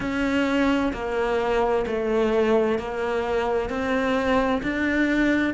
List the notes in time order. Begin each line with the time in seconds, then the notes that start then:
0.00 C#4
0.93 A#3
1.86 A3
2.79 A#3
3.69 C4
4.62 D4